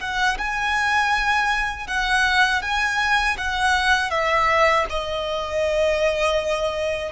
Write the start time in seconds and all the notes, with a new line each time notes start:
0.00 F#5
0.38 G#5
1.87 F#5
2.61 G#5
3.37 F#5
4.10 E5
4.89 D#5